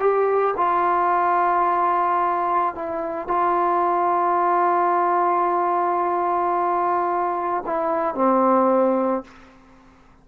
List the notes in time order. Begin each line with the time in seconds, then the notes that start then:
0.00 G4
0.57 F4
2.75 E4
3.28 F4
7.66 E4
8.15 C4